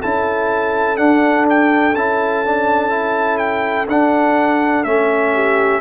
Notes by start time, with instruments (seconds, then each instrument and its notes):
0.00 tuba C#4, trombone E4, horn A4, trumpet A5
0.97 trombone D4, tuba D4, trumpet F#5
1.50 trumpet G5
1.94 tuba C#4, trombone E4, trumpet A5
2.46 trombone D4
2.90 trombone E4
3.38 trumpet G5
3.87 tuba D4, trombone D4, trumpet F#5
4.84 tuba A3, trombone C#4, trumpet E5
5.34 horn G4